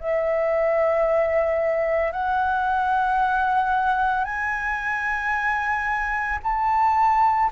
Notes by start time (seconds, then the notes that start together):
0.00 E5
2.12 F#5
4.25 G#5
6.44 A5